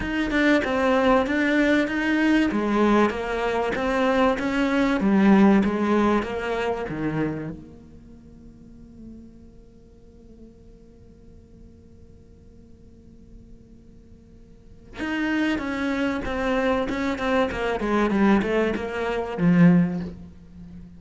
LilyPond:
\new Staff \with { instrumentName = "cello" } { \time 4/4 \tempo 4 = 96 dis'8 d'8 c'4 d'4 dis'4 | gis4 ais4 c'4 cis'4 | g4 gis4 ais4 dis4 | ais1~ |
ais1~ | ais1 | dis'4 cis'4 c'4 cis'8 c'8 | ais8 gis8 g8 a8 ais4 f4 | }